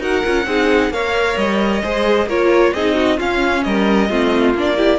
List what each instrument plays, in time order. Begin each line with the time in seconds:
0.00 cello D#4, viola F#4, violin A#4 F#5
0.24 cello C#4, viola F4
0.46 cello C4, viola D#4, violin G#4
0.90 cello A#3, viola A#4, violin C#5 F5
1.37 cello G3, violin D#5
1.83 cello G#3, viola G#4, violin C5
2.27 cello A#3, viola F4, violin A#4 C#5
2.74 cello C4, viola D#4, violin G#4 D#5
2.95 violin F#4
3.17 viola C#4, cello C#4, violin F4 F5
3.64 cello G3, violin A#4 D#5
4.10 cello A3, viola C4, violin F4
4.55 cello A#3, viola D4, violin D5
4.77 viola E4, violin G4